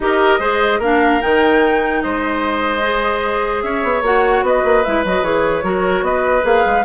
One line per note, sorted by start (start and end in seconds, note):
0.00 0.39 D#4
0.00 0.40 G4
0.00 0.39 A#4
0.00 0.81 D#5
0.39 0.79 G#3
0.39 0.80 G#4
0.39 0.79 C5
0.79 1.19 A#3
0.79 1.20 D4
0.79 2.00 A#4
0.79 1.21 F5
1.20 2.04 D#3
1.20 2.81 D#4
1.20 2.02 G5
2.02 3.63 G#3
2.02 3.64 C5
2.02 3.62 D#5
2.81 4.02 G#4
3.62 3.83 C#4
3.62 4.45 C#5
3.62 4.02 E5
3.83 4.02 B3
4.02 4.42 A#3
4.02 4.84 F#4
4.02 4.45 F#5
4.42 4.62 B3
4.42 5.63 B4
4.42 4.84 D#5
4.64 4.84 A#3
4.84 5.04 G#3
4.84 5.05 E4
4.84 5.04 E5
5.04 5.22 F#3
5.04 5.23 F#4
5.04 5.24 D#5
5.22 5.62 E3
5.22 5.62 G#4
5.22 6.04 C#5
5.62 6.01 F#3
5.62 6.41 F#4
5.62 6.04 A#4
6.01 6.41 B3
6.01 6.84 B4
6.01 6.44 D#5
6.41 6.64 A#3
6.41 6.81 G#4
6.41 6.84 F5
6.65 6.84 G#3